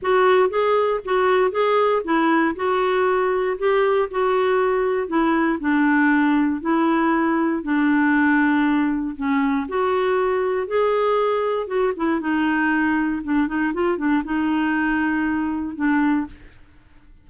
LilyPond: \new Staff \with { instrumentName = "clarinet" } { \time 4/4 \tempo 4 = 118 fis'4 gis'4 fis'4 gis'4 | e'4 fis'2 g'4 | fis'2 e'4 d'4~ | d'4 e'2 d'4~ |
d'2 cis'4 fis'4~ | fis'4 gis'2 fis'8 e'8 | dis'2 d'8 dis'8 f'8 d'8 | dis'2. d'4 | }